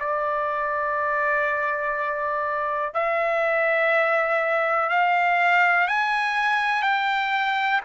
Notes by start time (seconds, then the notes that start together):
0.00 D5
2.94 E5
4.90 F5
5.88 G#5
6.83 G5